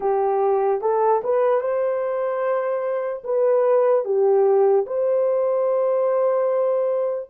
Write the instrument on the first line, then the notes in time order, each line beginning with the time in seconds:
horn
0.00 G4
0.81 A4
1.23 B4
1.60 C5
3.24 B4
4.04 G4
4.86 C5